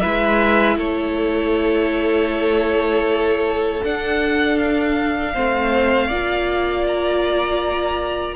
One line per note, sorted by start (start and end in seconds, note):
0.00 0.77 G#3
0.00 3.82 E4
0.00 0.77 B4
0.00 0.76 E5
0.77 3.81 A3
0.77 5.33 A4
0.77 3.83 C#5
3.84 5.35 D4
3.84 5.36 D4
3.84 4.58 F#5
4.58 6.86 F5
5.34 6.10 A3
5.34 6.11 C4
5.34 6.07 C5
6.07 8.36 A#3
6.07 8.36 F4
6.07 8.35 D5
6.87 8.36 A#5